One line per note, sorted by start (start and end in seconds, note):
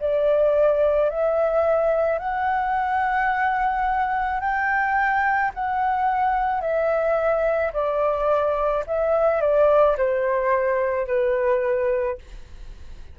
0.00 1.10 D5
1.10 2.19 E5
2.19 4.40 F#5
4.40 5.52 G5
5.55 6.61 F#5
6.61 7.72 E5
7.73 8.84 D5
8.87 9.41 E5
9.41 9.97 D5
9.97 11.08 C5
11.08 12.19 B4